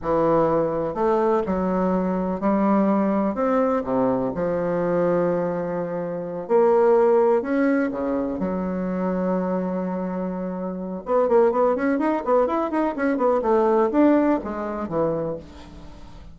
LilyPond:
\new Staff \with { instrumentName = "bassoon" } { \time 4/4 \tempo 4 = 125 e2 a4 fis4~ | fis4 g2 c'4 | c4 f2.~ | f4. ais2 cis'8~ |
cis'8 cis4 fis2~ fis8~ | fis2. b8 ais8 | b8 cis'8 dis'8 b8 e'8 dis'8 cis'8 b8 | a4 d'4 gis4 e4 | }